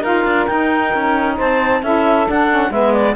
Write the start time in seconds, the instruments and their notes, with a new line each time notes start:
0.00 cello D#4, saxophone F4 A#4, clarinet F5
0.25 cello D4
0.46 saxophone D#4, cello D#4, clarinet G5
0.94 cello C#4
1.36 cello C4, saxophone C5, clarinet A5
1.82 cello C#4, saxophone E4 A4, clarinet E5
2.26 saxophone D4, cello D4, clarinet F#5
2.49 saxophone C#4
2.70 cello G#3, saxophone B3 B4, clarinet E5
2.92 clarinet D5